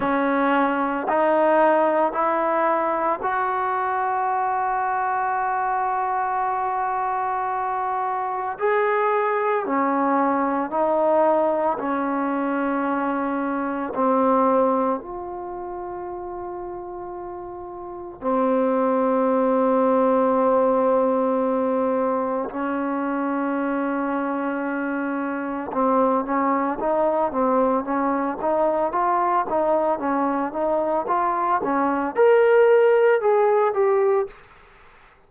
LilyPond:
\new Staff \with { instrumentName = "trombone" } { \time 4/4 \tempo 4 = 56 cis'4 dis'4 e'4 fis'4~ | fis'1 | gis'4 cis'4 dis'4 cis'4~ | cis'4 c'4 f'2~ |
f'4 c'2.~ | c'4 cis'2. | c'8 cis'8 dis'8 c'8 cis'8 dis'8 f'8 dis'8 | cis'8 dis'8 f'8 cis'8 ais'4 gis'8 g'8 | }